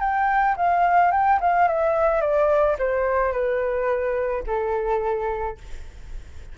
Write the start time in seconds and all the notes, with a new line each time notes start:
0.00 G5
0.57 F5
1.12 G5
1.41 F5
1.68 E5
2.21 D5
2.79 C5
3.33 B4
4.47 A4